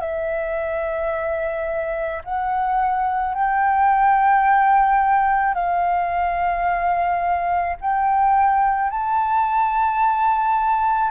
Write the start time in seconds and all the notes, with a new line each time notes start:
0.00 E5
2.25 F#5
3.34 G5
5.55 F5
7.81 G5
8.90 A5